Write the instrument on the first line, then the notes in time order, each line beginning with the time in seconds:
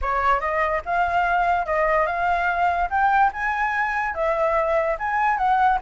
flute
0.01 C#5
0.40 D#5
0.85 F5
1.66 D#5
2.06 F5
2.89 G5
3.32 G#5
4.14 E5
4.98 G#5
5.37 F#5